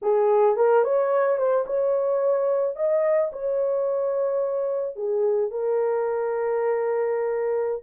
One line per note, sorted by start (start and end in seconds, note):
0.02 0.56 G#4
0.56 0.84 A#4
0.84 1.37 C#5
1.37 1.65 C5
1.66 2.76 C#5
2.76 3.31 D#5
3.32 4.96 C#5
4.96 5.50 G#4
5.50 7.83 A#4